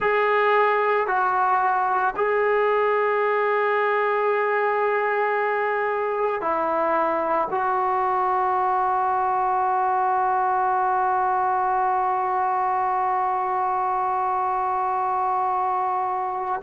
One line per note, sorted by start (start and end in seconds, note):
0.00 1.07 G#4
1.07 2.14 F#4
2.15 6.41 G#4
6.41 7.48 E4
7.50 16.61 F#4